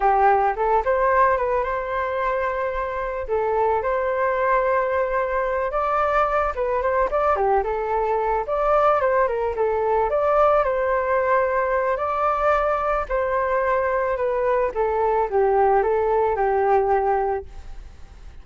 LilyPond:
\new Staff \with { instrumentName = "flute" } { \time 4/4 \tempo 4 = 110 g'4 a'8 c''4 b'8 c''4~ | c''2 a'4 c''4~ | c''2~ c''8 d''4. | b'8 c''8 d''8 g'8 a'4. d''8~ |
d''8 c''8 ais'8 a'4 d''4 c''8~ | c''2 d''2 | c''2 b'4 a'4 | g'4 a'4 g'2 | }